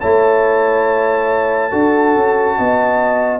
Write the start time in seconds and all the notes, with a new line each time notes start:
0.00 A3 E4 C#5 A5
1.69 D4 F#4 A4
2.16 C#4
2.57 B3 D#5